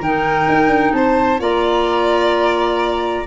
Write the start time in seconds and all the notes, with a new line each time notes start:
0.00 D#3 D#4 A#4 G5
0.49 D#4
0.68 D4
0.93 C4 C5 A5
1.39 A#3 F4 D5 A#5